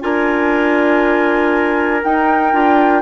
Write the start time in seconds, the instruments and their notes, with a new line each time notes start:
0.00 bassoon D4, clarinet F4, trumpet A#4, flute G#5
2.03 bassoon D#4, clarinet D#4, flute G5
2.52 bassoon D4, clarinet F4